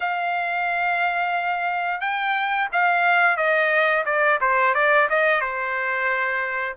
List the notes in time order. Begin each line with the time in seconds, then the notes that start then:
0.00 F5
2.00 G5
2.72 F5
3.36 D#5
4.05 D5
4.41 C5
4.74 D5
5.09 D#5
5.41 C5